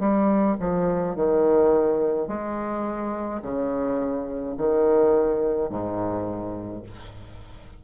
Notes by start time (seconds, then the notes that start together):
0.00 G3
0.60 F3
1.16 D#3
2.28 G#3
3.43 C#3
4.58 D#3
5.70 G#2